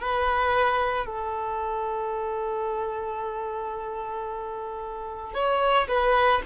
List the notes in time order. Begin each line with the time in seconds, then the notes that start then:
0.00 B4
1.06 A4
5.34 C#5
5.88 B4